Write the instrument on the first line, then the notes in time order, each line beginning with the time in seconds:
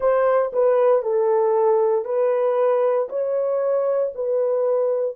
horn
0.00 C5
0.52 B4
1.02 A4
2.05 B4
3.09 C#5
4.14 B4